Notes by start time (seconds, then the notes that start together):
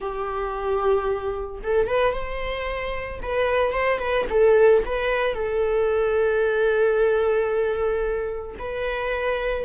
0.00 G4
1.63 A4
1.87 B4
2.13 C5
3.22 B4
3.73 C5
3.98 B4
4.30 A4
4.85 B4
5.34 A4
8.59 B4